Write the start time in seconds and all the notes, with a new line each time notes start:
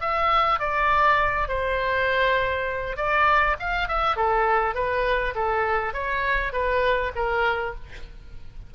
0.00 E5
0.59 D5
1.48 C5
2.96 D5
3.59 F5
3.88 E5
4.16 A4
4.74 B4
5.34 A4
5.93 C#5
6.52 B4
7.15 A#4